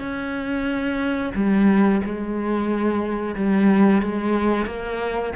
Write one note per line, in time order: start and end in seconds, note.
0.00 1.33 C#4
1.35 2.02 G3
2.05 3.35 G#3
3.35 4.02 G3
4.02 4.67 G#3
4.67 5.33 A#3